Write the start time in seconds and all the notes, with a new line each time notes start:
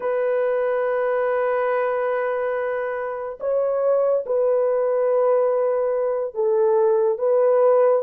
0.00 B4
3.40 C#5
4.26 B4
6.34 A4
7.18 B4